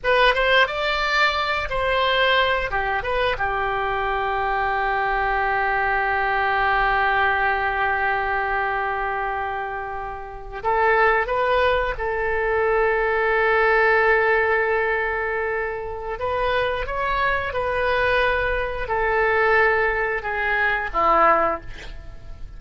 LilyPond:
\new Staff \with { instrumentName = "oboe" } { \time 4/4 \tempo 4 = 89 b'8 c''8 d''4. c''4. | g'8 b'8 g'2.~ | g'1~ | g'2.~ g'8. a'16~ |
a'8. b'4 a'2~ a'16~ | a'1 | b'4 cis''4 b'2 | a'2 gis'4 e'4 | }